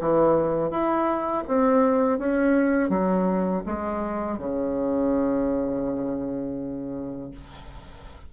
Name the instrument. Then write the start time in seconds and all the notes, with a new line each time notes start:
bassoon
0.00 E3
0.71 E4
1.47 C4
2.19 C#4
2.89 F#3
3.66 G#3
4.38 C#3